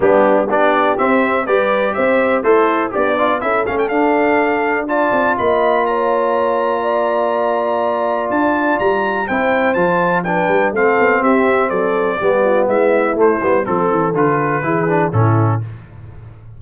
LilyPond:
<<
  \new Staff \with { instrumentName = "trumpet" } { \time 4/4 \tempo 4 = 123 g'4 d''4 e''4 d''4 | e''4 c''4 d''4 e''8 f''16 g''16 | f''2 a''4 b''4 | ais''1~ |
ais''4 a''4 ais''4 g''4 | a''4 g''4 f''4 e''4 | d''2 e''4 c''4 | a'4 b'2 a'4 | }
  \new Staff \with { instrumentName = "horn" } { \time 4/4 d'4 g'2 b'4 | c''4 e'4 d'4 a'4~ | a'2 d''4 dis''4 | cis''2 d''2~ |
d''2. c''4~ | c''4 b'4 a'4 g'4 | a'4 g'8 f'8 e'2 | a'2 gis'4 e'4 | }
  \new Staff \with { instrumentName = "trombone" } { \time 4/4 b4 d'4 c'4 g'4~ | g'4 a'4 g'8 f'8 e'8 cis'8 | d'2 f'2~ | f'1~ |
f'2. e'4 | f'4 d'4 c'2~ | c'4 b2 a8 b8 | c'4 f'4 e'8 d'8 cis'4 | }
  \new Staff \with { instrumentName = "tuba" } { \time 4/4 g4 b4 c'4 g4 | c'4 a4 b4 cis'8 a8 | d'2~ d'8 c'8 ais4~ | ais1~ |
ais4 d'4 g4 c'4 | f4. g8 a8 b8 c'4 | fis4 g4 gis4 a8 g8 | f8 e8 d4 e4 a,4 | }
>>